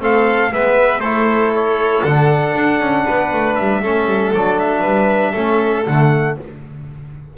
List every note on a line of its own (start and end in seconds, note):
0.00 0.52 A3
0.00 0.51 C4
0.00 0.53 A4
0.00 0.53 F5
0.51 1.00 G#3
0.51 1.02 B3
0.51 1.00 B4
0.51 1.01 E5
1.00 2.01 A3
1.00 2.06 E4
1.00 3.04 A4
1.00 1.51 C5
1.56 2.04 C#5
2.04 2.55 D3
2.04 3.84 D4
2.04 3.56 F#5
2.55 2.81 D4
2.81 3.06 C#4
3.05 3.33 B3
3.05 3.82 B4
3.33 3.58 A3
3.56 3.83 G3
3.56 4.32 E5
3.82 4.06 A3
3.82 4.35 C#4
3.82 4.81 A4
4.06 4.31 G3
4.33 4.83 F#3
4.33 5.35 D4
4.33 4.59 D5
4.59 5.86 E5
4.81 5.34 G3
4.81 5.31 B4
5.31 5.86 A3
5.31 5.86 C#4
5.31 6.33 A4
5.87 6.38 D3
5.87 6.37 A3
5.87 6.37 F#5